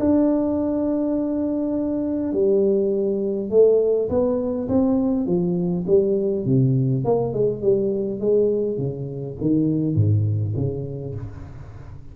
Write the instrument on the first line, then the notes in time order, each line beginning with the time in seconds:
tuba
0.00 D4
2.33 G3
3.51 A3
4.10 B3
4.69 C4
5.27 F3
5.87 G3
6.46 C3
7.05 A#3
7.34 G#3
7.63 G3
8.21 G#3
8.78 C#3
9.41 D#3
9.96 G#2
10.56 C#3